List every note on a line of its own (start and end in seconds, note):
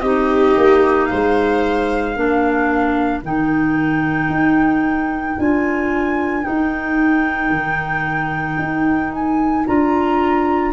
0.00 0.55 C4
0.00 2.15 D#4
0.00 1.09 G4
0.00 1.05 D#5
0.56 1.10 A#3
1.05 2.15 C5
1.05 3.19 F5
1.11 2.16 G#3
2.15 3.23 A#3
2.15 3.22 D4
2.15 10.72 A#4
3.23 4.28 D#3
3.23 5.37 D#4
3.23 5.39 G5
4.28 5.35 D#4
5.37 6.45 D4
5.37 6.42 F4
5.37 6.44 G#5
6.42 9.64 D#4
6.42 7.50 D#4
6.42 9.12 G5
7.50 8.57 D#3
8.58 9.65 D#4
9.12 9.66 G#5
9.66 10.72 D4
9.66 10.72 F4
9.66 10.72 A#5